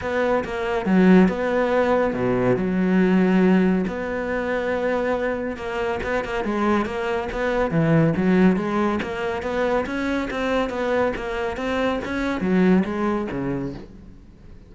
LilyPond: \new Staff \with { instrumentName = "cello" } { \time 4/4 \tempo 4 = 140 b4 ais4 fis4 b4~ | b4 b,4 fis2~ | fis4 b2.~ | b4 ais4 b8 ais8 gis4 |
ais4 b4 e4 fis4 | gis4 ais4 b4 cis'4 | c'4 b4 ais4 c'4 | cis'4 fis4 gis4 cis4 | }